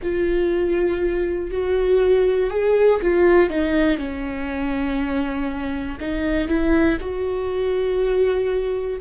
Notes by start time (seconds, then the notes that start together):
0.02 F4
1.50 F#4
2.50 G#4
3.01 F4
3.49 D#4
3.98 C#4
6.00 D#4
6.48 E4
7.00 F#4